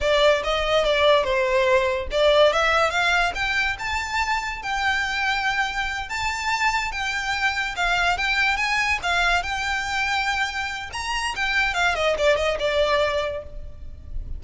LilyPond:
\new Staff \with { instrumentName = "violin" } { \time 4/4 \tempo 4 = 143 d''4 dis''4 d''4 c''4~ | c''4 d''4 e''4 f''4 | g''4 a''2 g''4~ | g''2~ g''8 a''4.~ |
a''8 g''2 f''4 g''8~ | g''8 gis''4 f''4 g''4.~ | g''2 ais''4 g''4 | f''8 dis''8 d''8 dis''8 d''2 | }